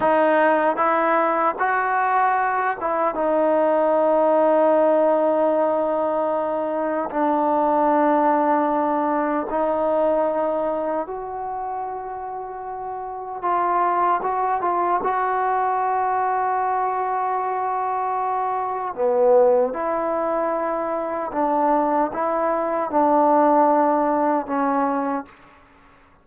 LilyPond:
\new Staff \with { instrumentName = "trombone" } { \time 4/4 \tempo 4 = 76 dis'4 e'4 fis'4. e'8 | dis'1~ | dis'4 d'2. | dis'2 fis'2~ |
fis'4 f'4 fis'8 f'8 fis'4~ | fis'1 | b4 e'2 d'4 | e'4 d'2 cis'4 | }